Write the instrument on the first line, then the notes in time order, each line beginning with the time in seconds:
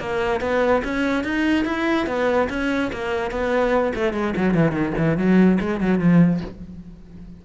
cello
0.00 A#3
0.41 B3
0.85 C#4
1.24 D#4
1.66 E4
2.07 B3
2.50 C#4
2.93 A#3
3.31 B3
3.96 A3
4.13 G#3
4.37 F#3
4.55 E3
4.72 D#3
4.98 E3
5.18 F#3
5.61 G#3
5.81 F#3
5.99 F3